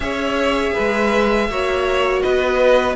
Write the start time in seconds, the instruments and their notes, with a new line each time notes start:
0.00 cello C#4, viola G#4, violin C#5 E5
0.73 cello G#3, violin B4
1.49 cello A#3, viola F#4, violin C#5
2.21 cello B3, violin B4 D#5